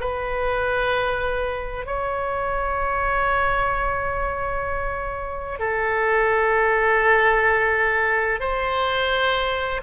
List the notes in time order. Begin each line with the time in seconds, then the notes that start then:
0.00 B4
1.86 C#5
5.59 A4
8.40 C5